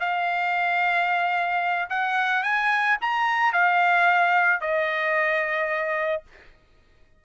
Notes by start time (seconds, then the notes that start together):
0.00 F5
1.90 F#5
2.43 G#5
3.01 A#5
3.53 F5
4.61 D#5